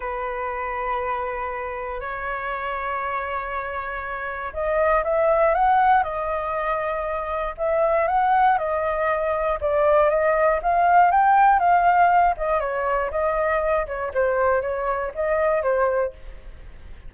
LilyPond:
\new Staff \with { instrumentName = "flute" } { \time 4/4 \tempo 4 = 119 b'1 | cis''1~ | cis''4 dis''4 e''4 fis''4 | dis''2. e''4 |
fis''4 dis''2 d''4 | dis''4 f''4 g''4 f''4~ | f''8 dis''8 cis''4 dis''4. cis''8 | c''4 cis''4 dis''4 c''4 | }